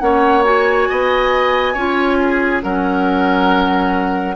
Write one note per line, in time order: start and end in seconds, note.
0.00 0.88 A#3
0.00 0.44 C#4
0.00 0.89 C#5
0.00 0.43 F#5
0.44 1.75 F#4
0.44 2.62 G#5
0.89 1.75 B3
0.89 1.74 D#5
1.74 2.62 C#4
1.74 2.63 F4
1.74 2.17 C#5
2.20 2.63 G#4
2.63 4.36 F#3
2.63 4.36 C#4
2.63 4.36 A#4
2.63 4.36 F#5